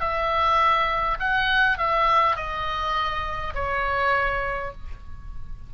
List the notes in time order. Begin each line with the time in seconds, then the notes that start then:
0.00 E5
1.19 F#5
1.78 E5
2.36 D#5
3.55 C#5